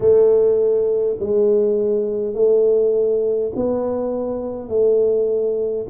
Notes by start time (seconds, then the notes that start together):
0.00 A3
1.19 G#3
2.34 A3
3.55 B3
4.68 A3